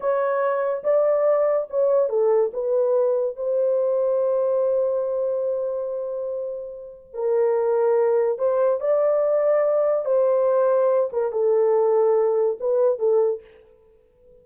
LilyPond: \new Staff \with { instrumentName = "horn" } { \time 4/4 \tempo 4 = 143 cis''2 d''2 | cis''4 a'4 b'2 | c''1~ | c''1~ |
c''4 ais'2. | c''4 d''2. | c''2~ c''8 ais'8 a'4~ | a'2 b'4 a'4 | }